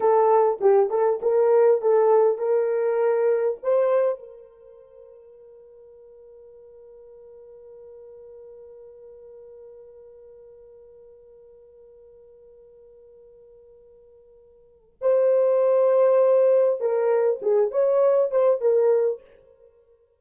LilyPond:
\new Staff \with { instrumentName = "horn" } { \time 4/4 \tempo 4 = 100 a'4 g'8 a'8 ais'4 a'4 | ais'2 c''4 ais'4~ | ais'1~ | ais'1~ |
ais'1~ | ais'1~ | ais'4 c''2. | ais'4 gis'8 cis''4 c''8 ais'4 | }